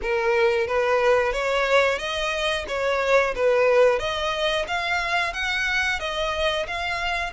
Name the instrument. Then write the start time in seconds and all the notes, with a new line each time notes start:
violin
0.02 A#4
0.67 B4
1.32 C#5
1.98 D#5
2.68 C#5
3.35 B4
3.98 D#5
4.67 F5
5.33 F#5
5.99 D#5
6.67 F5